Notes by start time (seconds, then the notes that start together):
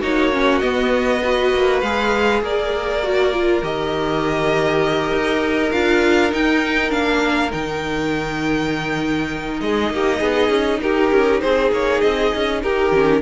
0.00 A#3 D#4 F#4 C#5
0.32 C#4
0.59 B3 D#5
1.23 F#4 B4
1.54 A#3
1.81 G#3 G#4 F5
2.42 A#3 A#4 D5
3.03 F#4
3.33 F4
3.62 D#3 G4 D#5
5.12 D#4
5.72 D4 F4 F5
6.30 D#4 G5
6.89 A#3 D4 F5
7.52 D#3 D#4 G5
9.60 G#3 G#4 D#5
9.90 A#3 G4
10.19 B3 G#4
10.49 C#4
10.81 D#4 G4 A#4
11.11 C#4
11.41 C4 G#4 C5
11.71 A#3 C#5
12.01 C4 D#5
12.35 C#4
12.62 D#4 G4 A#4
12.92 D#3 C#4